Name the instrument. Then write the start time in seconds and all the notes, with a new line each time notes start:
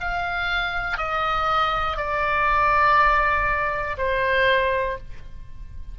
oboe
0.00 F5
0.97 D#5
1.96 D5
3.97 C5